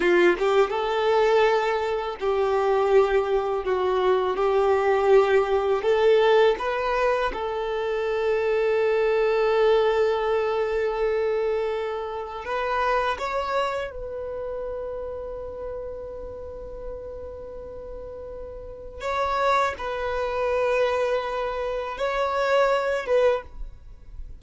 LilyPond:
\new Staff \with { instrumentName = "violin" } { \time 4/4 \tempo 4 = 82 f'8 g'8 a'2 g'4~ | g'4 fis'4 g'2 | a'4 b'4 a'2~ | a'1~ |
a'4 b'4 cis''4 b'4~ | b'1~ | b'2 cis''4 b'4~ | b'2 cis''4. b'8 | }